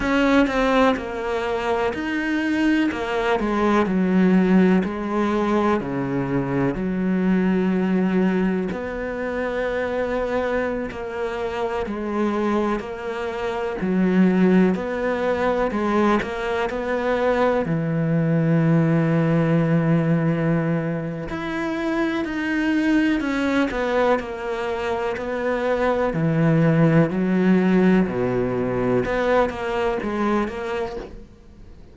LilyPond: \new Staff \with { instrumentName = "cello" } { \time 4/4 \tempo 4 = 62 cis'8 c'8 ais4 dis'4 ais8 gis8 | fis4 gis4 cis4 fis4~ | fis4 b2~ b16 ais8.~ | ais16 gis4 ais4 fis4 b8.~ |
b16 gis8 ais8 b4 e4.~ e16~ | e2 e'4 dis'4 | cis'8 b8 ais4 b4 e4 | fis4 b,4 b8 ais8 gis8 ais8 | }